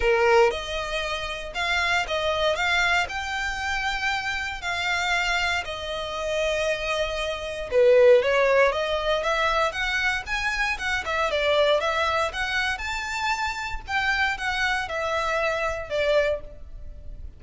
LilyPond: \new Staff \with { instrumentName = "violin" } { \time 4/4 \tempo 4 = 117 ais'4 dis''2 f''4 | dis''4 f''4 g''2~ | g''4 f''2 dis''4~ | dis''2. b'4 |
cis''4 dis''4 e''4 fis''4 | gis''4 fis''8 e''8 d''4 e''4 | fis''4 a''2 g''4 | fis''4 e''2 d''4 | }